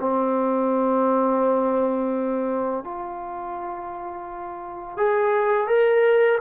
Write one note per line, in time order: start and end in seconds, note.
0.00 2.84 C4
2.84 4.97 F4
4.97 5.67 G#4
5.67 6.38 A#4